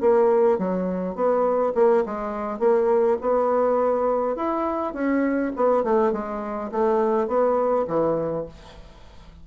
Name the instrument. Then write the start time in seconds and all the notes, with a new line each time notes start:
bassoon
0.00 A#3
0.58 F#3
1.15 B3
1.74 A#3
2.05 G#3
2.59 A#3
3.21 B3
4.36 E4
4.93 C#4
5.56 B3
5.83 A3
6.12 G#3
6.71 A3
7.27 B3
7.87 E3